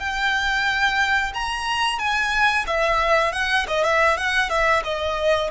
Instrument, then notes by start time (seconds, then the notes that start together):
violin
0.00 G5
1.35 A#5
1.99 G#5
2.67 E5
3.33 F#5
3.68 D#5
3.84 E5
4.18 F#5
4.50 E5
4.84 D#5